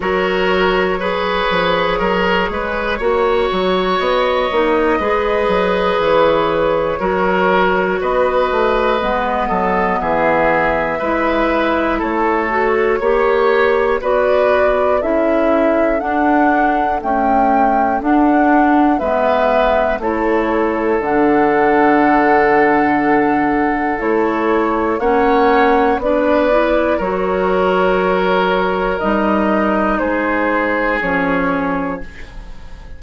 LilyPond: <<
  \new Staff \with { instrumentName = "flute" } { \time 4/4 \tempo 4 = 60 cis''1 | dis''2 cis''2 | dis''2 e''2 | cis''2 d''4 e''4 |
fis''4 g''4 fis''4 e''4 | cis''4 fis''2. | cis''4 fis''4 d''4 cis''4~ | cis''4 dis''4 c''4 cis''4 | }
  \new Staff \with { instrumentName = "oboe" } { \time 4/4 ais'4 b'4 ais'8 b'8 cis''4~ | cis''4 b'2 ais'4 | b'4. a'8 gis'4 b'4 | a'4 cis''4 b'4 a'4~ |
a'2. b'4 | a'1~ | a'4 cis''4 b'4 ais'4~ | ais'2 gis'2 | }
  \new Staff \with { instrumentName = "clarinet" } { \time 4/4 fis'4 gis'2 fis'4~ | fis'8 dis'8 gis'2 fis'4~ | fis'4 b2 e'4~ | e'8 fis'8 g'4 fis'4 e'4 |
d'4 a4 d'4 b4 | e'4 d'2. | e'4 cis'4 d'8 e'8 fis'4~ | fis'4 dis'2 cis'4 | }
  \new Staff \with { instrumentName = "bassoon" } { \time 4/4 fis4. f8 fis8 gis8 ais8 fis8 | b8 ais8 gis8 fis8 e4 fis4 | b8 a8 gis8 fis8 e4 gis4 | a4 ais4 b4 cis'4 |
d'4 cis'4 d'4 gis4 | a4 d2. | a4 ais4 b4 fis4~ | fis4 g4 gis4 f4 | }
>>